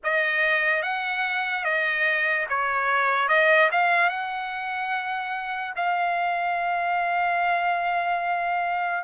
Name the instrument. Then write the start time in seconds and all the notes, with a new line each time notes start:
trumpet
0.03 D#5
0.82 F#5
1.64 D#5
2.49 C#5
3.28 D#5
3.71 F5
4.09 F#5
5.76 F5